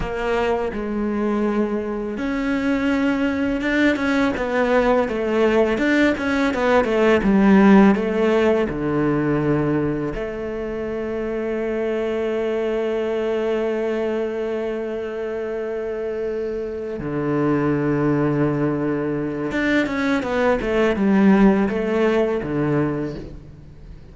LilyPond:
\new Staff \with { instrumentName = "cello" } { \time 4/4 \tempo 4 = 83 ais4 gis2 cis'4~ | cis'4 d'8 cis'8 b4 a4 | d'8 cis'8 b8 a8 g4 a4 | d2 a2~ |
a1~ | a2.~ a8 d8~ | d2. d'8 cis'8 | b8 a8 g4 a4 d4 | }